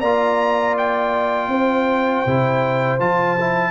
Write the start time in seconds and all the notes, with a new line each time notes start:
0.00 A#3 F4 D5 A#5
0.77 G5
1.48 C4 C5
2.26 C3 E4
2.99 F3 F4 A5
3.40 E4